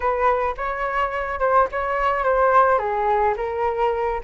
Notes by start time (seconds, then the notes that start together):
0.00 B4
0.57 C#5
1.39 C5
1.71 C#5
2.24 C5
2.78 G#4
3.36 A#4